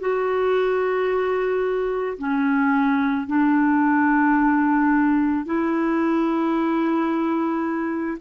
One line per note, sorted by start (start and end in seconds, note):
0.00 2.18 F#4
2.19 3.27 C#4
3.27 5.45 D4
5.45 8.18 E4